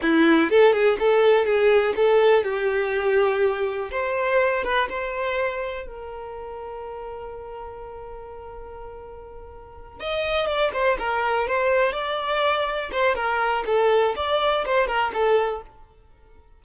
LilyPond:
\new Staff \with { instrumentName = "violin" } { \time 4/4 \tempo 4 = 123 e'4 a'8 gis'8 a'4 gis'4 | a'4 g'2. | c''4. b'8 c''2 | ais'1~ |
ais'1~ | ais'8 dis''4 d''8 c''8 ais'4 c''8~ | c''8 d''2 c''8 ais'4 | a'4 d''4 c''8 ais'8 a'4 | }